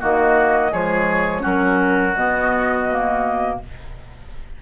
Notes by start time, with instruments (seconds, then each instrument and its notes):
0.00 bassoon D#3, clarinet A#3, oboe F#4, flute D#5
0.71 bassoon F3, clarinet G#3, oboe G#4, flute C#5
1.40 bassoon F#3, clarinet C#4, oboe F#4, flute A#4
2.15 bassoon B2, clarinet B3, flute D#5
2.90 clarinet A#3